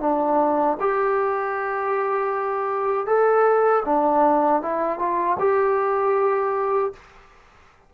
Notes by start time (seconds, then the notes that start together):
0.00 D4
0.80 G4
3.07 A4
3.85 D4
4.62 E4
4.99 F4
5.39 G4